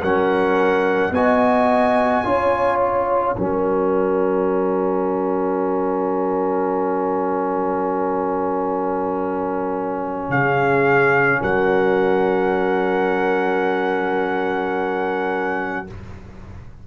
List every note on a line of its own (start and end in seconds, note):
0.00 1.10 F#3
0.00 1.13 C#4
0.00 1.11 A#4
0.00 1.13 F#5
1.10 2.22 B3
1.10 2.24 F#4
1.10 2.25 D#5
1.10 2.78 G#5
2.24 3.35 C#4
2.24 3.35 F4
2.24 3.36 C#5
2.78 10.28 F#5
3.37 10.29 F#3
3.37 15.87 C#4
3.37 10.30 A#4
10.29 11.40 C#3
10.29 11.40 G#4
10.29 11.42 F5
11.40 15.86 F#3
11.40 15.84 A#4
11.40 15.87 F#5